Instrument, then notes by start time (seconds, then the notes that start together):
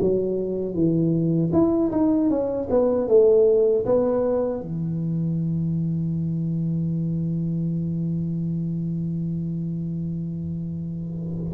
tuba
0.00 F#3
0.74 E3
1.52 E4
1.92 D#4
2.30 C#4
2.70 B3
3.08 A3
3.85 B3
4.61 E3